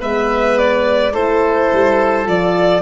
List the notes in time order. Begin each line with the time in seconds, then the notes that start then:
0.00 G#3 B3 B4 E5
0.58 D5
1.13 A3 E4 A4 C5
1.72 G3
2.24 F3 F4 D5